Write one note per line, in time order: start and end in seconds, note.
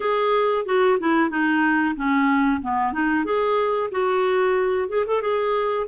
0.00 0.65 G#4
0.65 0.98 F#4
0.99 1.30 E4
1.30 1.95 D#4
1.96 2.61 C#4
2.61 2.92 B3
2.92 3.24 D#4
3.24 3.90 G#4
3.91 4.89 F#4
4.89 5.05 G#4
5.06 5.21 A4
5.21 5.87 G#4